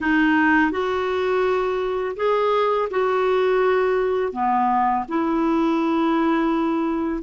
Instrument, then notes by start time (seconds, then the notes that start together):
clarinet
0.00 D#4
0.71 F#4
2.16 G#4
2.90 F#4
4.32 B3
5.08 E4